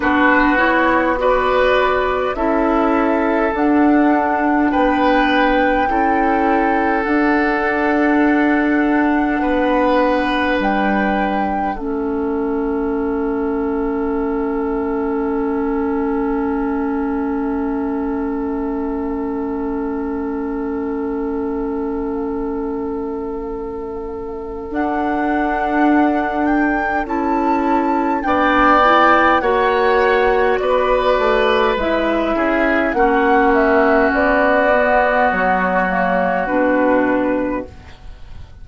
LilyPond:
<<
  \new Staff \with { instrumentName = "flute" } { \time 4/4 \tempo 4 = 51 b'8 cis''8 d''4 e''4 fis''4 | g''2 fis''2~ | fis''4 g''4 e''2~ | e''1~ |
e''1~ | e''4 fis''4. g''8 a''4 | g''4 fis''4 d''4 e''4 | fis''8 e''8 d''4 cis''4 b'4 | }
  \new Staff \with { instrumentName = "oboe" } { \time 4/4 fis'4 b'4 a'2 | b'4 a'2. | b'2 a'2~ | a'1~ |
a'1~ | a'1 | d''4 cis''4 b'4. gis'8 | fis'1 | }
  \new Staff \with { instrumentName = "clarinet" } { \time 4/4 d'8 e'8 fis'4 e'4 d'4~ | d'4 e'4 d'2~ | d'2 cis'2~ | cis'1~ |
cis'1~ | cis'4 d'2 e'4 | d'8 e'8 fis'2 e'4 | cis'4. b4 ais8 d'4 | }
  \new Staff \with { instrumentName = "bassoon" } { \time 4/4 b2 cis'4 d'4 | b4 cis'4 d'2 | b4 g4 a2~ | a1~ |
a1~ | a4 d'2 cis'4 | b4 ais4 b8 a8 gis8 cis'8 | ais4 b4 fis4 b,4 | }
>>